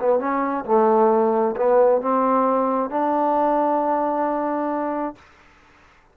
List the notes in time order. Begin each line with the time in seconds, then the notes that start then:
0.00 B3
0.19 C#4
0.65 A3
1.57 B3
2.01 C4
2.90 D4